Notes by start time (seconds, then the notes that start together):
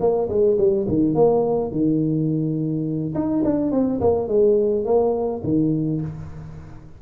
0.00 A#3
0.29 G#3
0.57 G3
0.88 D#3
1.15 A#3
1.71 D#3
3.14 D#4
3.44 D4
3.71 C4
4.00 A#3
4.28 G#3
4.85 A#3
5.44 D#3